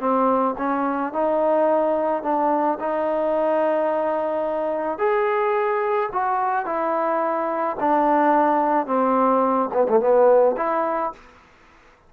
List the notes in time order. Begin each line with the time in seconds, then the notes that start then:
0.00 C4
0.59 C#4
1.13 D#4
2.23 D4
2.80 D#4
4.99 G#4
6.13 F#4
6.66 E4
7.81 D4
8.87 C4
9.74 B3
9.89 A3
10.01 B3
10.57 E4